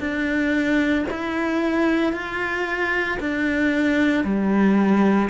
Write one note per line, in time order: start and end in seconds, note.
0.00 1.05 D4
1.11 2.13 E4
2.13 3.18 F4
3.20 4.24 D4
4.24 5.29 G3